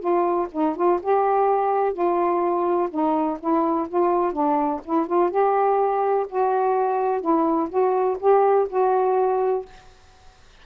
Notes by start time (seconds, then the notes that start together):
0.00 F4
0.52 D#4
0.76 F4
1.03 G4
1.94 F4
2.91 D#4
3.40 E4
3.89 F4
4.33 D4
4.85 E4
5.07 F4
5.31 G4
6.30 F#4
7.22 E4
7.70 F#4
8.20 G4
8.70 F#4